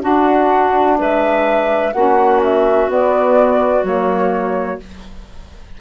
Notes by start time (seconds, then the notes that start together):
0.00 D4 F#4 F#5
0.98 G#3 B4 E5
1.93 A#3 C#4 F#4 F#5
2.43 E5
2.87 B3 D5
3.83 F#3 A#3 C#5